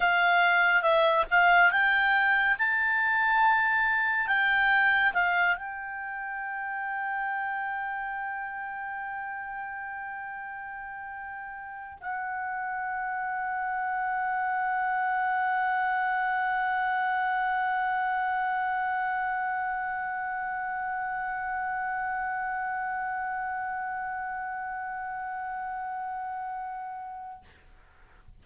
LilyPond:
\new Staff \with { instrumentName = "clarinet" } { \time 4/4 \tempo 4 = 70 f''4 e''8 f''8 g''4 a''4~ | a''4 g''4 f''8 g''4.~ | g''1~ | g''2 fis''2~ |
fis''1~ | fis''1~ | fis''1~ | fis''1 | }